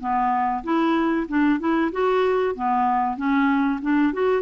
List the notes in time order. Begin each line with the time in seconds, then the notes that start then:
0.00 B3
0.64 E4
1.28 D4
1.60 E4
1.92 F#4
2.56 B3
3.17 C#4
3.82 D4
4.13 F#4